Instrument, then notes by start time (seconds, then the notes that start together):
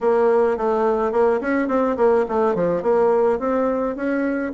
bassoon
0.00 A#3
0.57 A3
1.11 A#3
1.40 C#4
1.67 C4
1.97 A#3
2.28 A3
2.54 F3
2.82 A#3
3.39 C4
3.95 C#4